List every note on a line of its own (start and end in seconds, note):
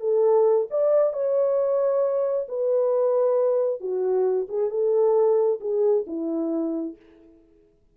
0.00 0.67 A4
0.70 1.13 D5
1.13 2.47 C#5
2.49 3.80 B4
3.80 4.47 F#4
4.49 4.70 G#4
4.70 5.60 A4
5.60 6.05 G#4
6.07 6.96 E4